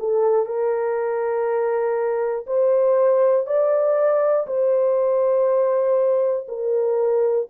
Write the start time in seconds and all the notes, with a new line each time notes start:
0.00 A4
0.46 A#4
2.47 C5
3.47 D5
4.47 C5
6.48 A#4